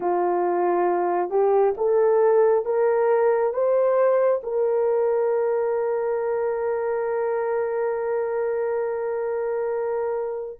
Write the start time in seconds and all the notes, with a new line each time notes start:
0.00 F4
1.30 G4
1.76 A4
2.65 A#4
3.53 C5
4.43 A#4